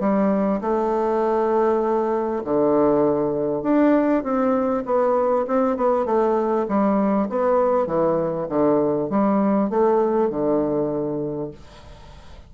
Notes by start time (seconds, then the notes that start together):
0.00 G3
0.61 A3
2.44 D3
3.63 D4
4.23 C4
4.85 B3
5.48 C4
5.77 B3
6.06 A3
6.68 G3
7.29 B3
7.87 E3
8.49 D3
9.10 G3
9.70 A3
10.30 D3